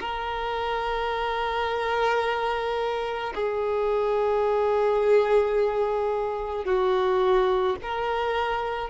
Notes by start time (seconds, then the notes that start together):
0.00 A#4
3.35 G#4
6.65 F#4
7.82 A#4